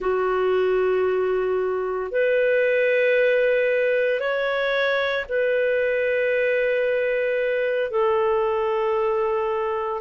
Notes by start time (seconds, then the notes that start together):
0.00 F#4
2.11 B4
4.20 C#5
5.28 B4
7.90 A4